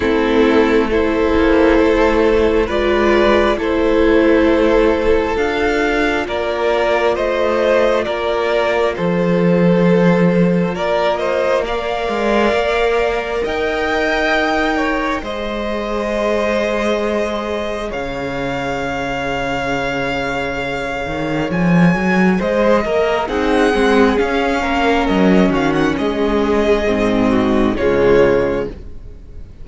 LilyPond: <<
  \new Staff \with { instrumentName = "violin" } { \time 4/4 \tempo 4 = 67 a'4 c''2 d''4 | c''2 f''4 d''4 | dis''4 d''4 c''2 | d''8 dis''8 f''2 g''4~ |
g''4 dis''2. | f''1 | gis''4 dis''4 fis''4 f''4 | dis''8 f''16 fis''16 dis''2 cis''4 | }
  \new Staff \with { instrumentName = "violin" } { \time 4/4 e'4 a'2 b'4 | a'2. ais'4 | c''4 ais'4 a'2 | ais'8 c''8 d''2 dis''4~ |
dis''8 cis''8 c''2. | cis''1~ | cis''4 c''8 ais'8 gis'4. ais'8~ | ais'8 fis'8 gis'4. fis'8 f'4 | }
  \new Staff \with { instrumentName = "viola" } { \time 4/4 c'4 e'2 f'4 | e'2 f'2~ | f'1~ | f'4 ais'2.~ |
ais'4 gis'2.~ | gis'1~ | gis'2 dis'8 c'8 cis'4~ | cis'2 c'4 gis4 | }
  \new Staff \with { instrumentName = "cello" } { \time 4/4 a4. ais8 a4 gis4 | a2 d'4 ais4 | a4 ais4 f2 | ais4. gis8 ais4 dis'4~ |
dis'4 gis2. | cis2.~ cis8 dis8 | f8 fis8 gis8 ais8 c'8 gis8 cis'8 ais8 | fis8 dis8 gis4 gis,4 cis4 | }
>>